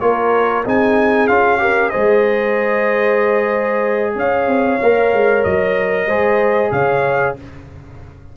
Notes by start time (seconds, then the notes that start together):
0.00 A#3 F4 A#4 C#5
0.64 C4 D#4 G#4 G#5
1.28 C#4 F4 F5
1.59 G4 A#4
1.90 G#3 G#4 C5 D#5
4.15 C#4 C#5 F5
4.47 C4
4.82 A#3 A#4
5.13 G#3
5.44 F#3 D#5
6.07 G#3 G#4 C5
6.71 C#3 C#5 F5